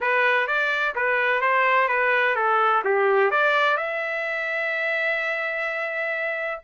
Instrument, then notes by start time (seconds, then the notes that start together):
trumpet
0.00 B4
0.47 D5
0.95 B4
1.41 C5
1.88 B4
2.35 A4
2.84 G4
3.30 D5
3.77 E5